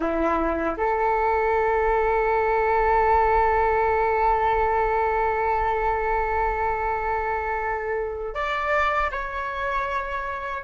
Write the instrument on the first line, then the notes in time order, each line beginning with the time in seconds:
flute
0.00 E4
0.77 A4
8.34 D5
9.11 C#5